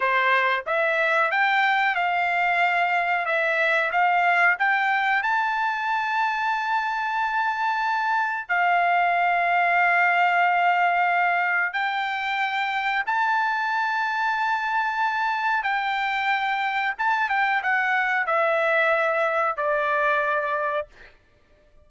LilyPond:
\new Staff \with { instrumentName = "trumpet" } { \time 4/4 \tempo 4 = 92 c''4 e''4 g''4 f''4~ | f''4 e''4 f''4 g''4 | a''1~ | a''4 f''2.~ |
f''2 g''2 | a''1 | g''2 a''8 g''8 fis''4 | e''2 d''2 | }